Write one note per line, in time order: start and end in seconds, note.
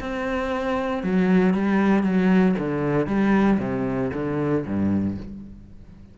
0.00 1.03 C4
1.03 1.54 F#3
1.54 2.03 G3
2.03 2.55 F#3
2.58 3.07 D3
3.07 3.59 G3
3.59 4.11 C3
4.14 4.65 D3
4.66 5.18 G2